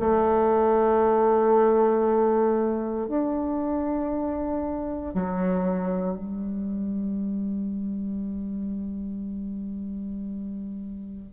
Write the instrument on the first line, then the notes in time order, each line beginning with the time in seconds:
bassoon
0.00 A3
3.08 D4
5.15 F#3
6.18 G3